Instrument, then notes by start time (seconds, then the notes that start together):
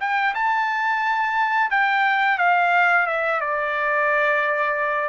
trumpet
0.00 G5
0.34 A5
1.71 G5
2.38 F5
3.07 E5
3.41 D5